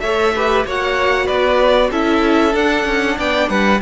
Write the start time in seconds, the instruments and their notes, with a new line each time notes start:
0.00 cello A3, viola A4, violin C#5 E5
0.35 viola G4, violin B4
0.65 cello A#3, viola F#4, violin C#5 F#5
1.26 cello B3, violin B4 D5
1.91 cello C#4, viola E4, violin A4 E5
2.52 viola D4, cello D4, violin F#5
2.85 cello C#4
3.18 cello B3, violin D5 G5
3.49 cello G3, violin B4 F#5